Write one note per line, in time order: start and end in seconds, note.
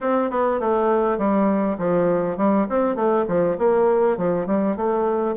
0.01 0.30 C4
0.30 0.59 B3
0.59 1.17 A3
1.17 1.77 G3
1.78 2.37 F3
2.37 2.66 G3
2.69 2.95 C4
2.95 3.25 A3
3.28 3.57 F3
3.58 4.17 A#3
4.17 4.46 F3
4.46 4.76 G3
4.76 5.35 A3